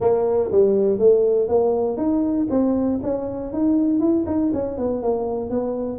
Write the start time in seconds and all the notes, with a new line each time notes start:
0.00 A#3
0.51 G3
0.98 A3
1.48 A#3
1.97 D#4
2.50 C4
3.02 C#4
3.52 D#4
4.00 E4
4.26 D#4
4.53 C#4
4.77 B3
5.02 A#3
5.50 B3